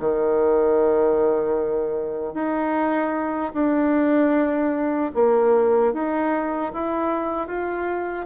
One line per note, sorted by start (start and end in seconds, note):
0.00 2.34 D#3
2.34 3.52 D#4
3.53 5.11 D4
5.15 5.93 A#3
5.93 6.72 D#4
6.73 7.47 E4
7.47 8.26 F4